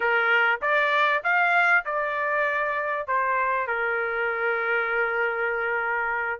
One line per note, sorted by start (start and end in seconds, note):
0.00 0.60 A#4
0.61 1.22 D5
1.23 1.85 F5
1.85 3.07 D5
3.07 3.67 C5
3.67 6.40 A#4